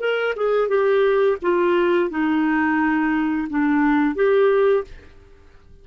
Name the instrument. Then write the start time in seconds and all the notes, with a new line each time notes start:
clarinet
0.00 A#4
0.36 G#4
0.68 G4
1.42 F4
2.10 D#4
3.50 D4
4.15 G4